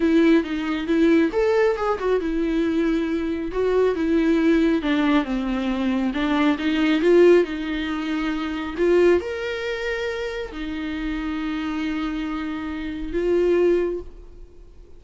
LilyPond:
\new Staff \with { instrumentName = "viola" } { \time 4/4 \tempo 4 = 137 e'4 dis'4 e'4 a'4 | gis'8 fis'8 e'2. | fis'4 e'2 d'4 | c'2 d'4 dis'4 |
f'4 dis'2. | f'4 ais'2. | dis'1~ | dis'2 f'2 | }